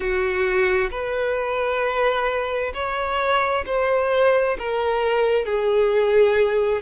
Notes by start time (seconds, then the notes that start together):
0.00 F#4
0.90 B4
2.74 C#5
3.66 C5
4.58 A#4
5.45 G#4